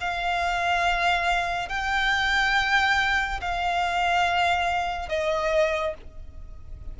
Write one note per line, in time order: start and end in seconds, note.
0.00 1.68 F5
1.68 3.40 G5
3.41 5.08 F5
5.08 5.94 D#5